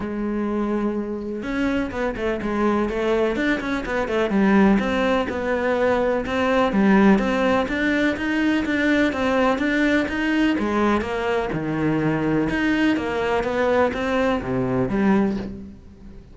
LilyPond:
\new Staff \with { instrumentName = "cello" } { \time 4/4 \tempo 4 = 125 gis2. cis'4 | b8 a8 gis4 a4 d'8 cis'8 | b8 a8 g4 c'4 b4~ | b4 c'4 g4 c'4 |
d'4 dis'4 d'4 c'4 | d'4 dis'4 gis4 ais4 | dis2 dis'4 ais4 | b4 c'4 c4 g4 | }